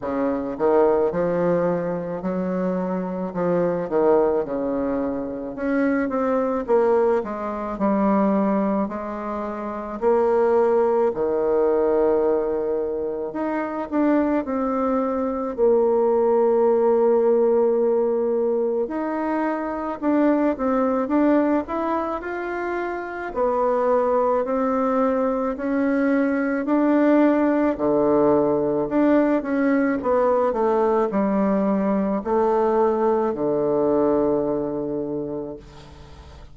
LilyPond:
\new Staff \with { instrumentName = "bassoon" } { \time 4/4 \tempo 4 = 54 cis8 dis8 f4 fis4 f8 dis8 | cis4 cis'8 c'8 ais8 gis8 g4 | gis4 ais4 dis2 | dis'8 d'8 c'4 ais2~ |
ais4 dis'4 d'8 c'8 d'8 e'8 | f'4 b4 c'4 cis'4 | d'4 d4 d'8 cis'8 b8 a8 | g4 a4 d2 | }